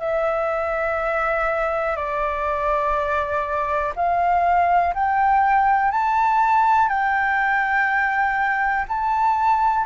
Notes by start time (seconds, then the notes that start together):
0.00 E5
1.96 D5
3.96 F5
4.94 G5
5.92 A5
6.89 G5
8.88 A5